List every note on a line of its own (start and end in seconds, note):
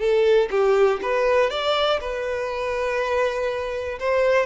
0.00 0.50 A4
0.51 1.01 G4
1.03 1.51 B4
1.51 2.00 D5
2.01 3.99 B4
4.00 4.47 C5